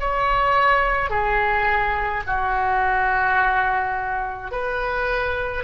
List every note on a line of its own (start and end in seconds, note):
0.00 1.10 C#5
1.10 2.23 G#4
2.27 4.52 F#4
4.52 5.64 B4